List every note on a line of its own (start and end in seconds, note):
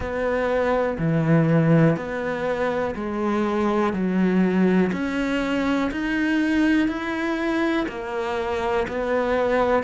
0.00 0.97 B3
0.98 1.96 E3
1.96 2.94 B3
2.95 3.93 G#3
3.93 4.91 F#3
4.92 5.90 C#4
5.91 6.88 D#4
6.88 7.86 E4
7.88 8.87 A#3
8.87 9.83 B3